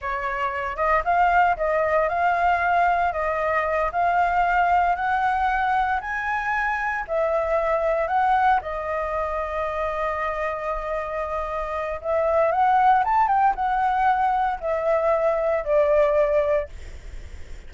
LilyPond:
\new Staff \with { instrumentName = "flute" } { \time 4/4 \tempo 4 = 115 cis''4. dis''8 f''4 dis''4 | f''2 dis''4. f''8~ | f''4. fis''2 gis''8~ | gis''4. e''2 fis''8~ |
fis''8 dis''2.~ dis''8~ | dis''2. e''4 | fis''4 a''8 g''8 fis''2 | e''2 d''2 | }